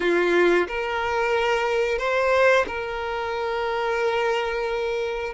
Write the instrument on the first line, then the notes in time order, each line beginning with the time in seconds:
violin
0.00 F4
0.67 A#4
1.98 C5
2.67 A#4